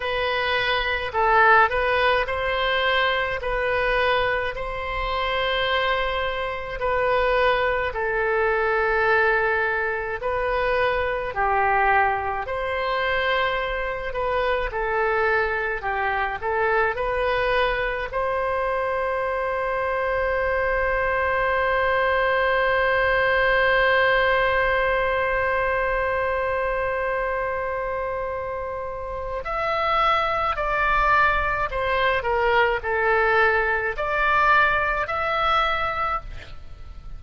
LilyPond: \new Staff \with { instrumentName = "oboe" } { \time 4/4 \tempo 4 = 53 b'4 a'8 b'8 c''4 b'4 | c''2 b'4 a'4~ | a'4 b'4 g'4 c''4~ | c''8 b'8 a'4 g'8 a'8 b'4 |
c''1~ | c''1~ | c''2 e''4 d''4 | c''8 ais'8 a'4 d''4 e''4 | }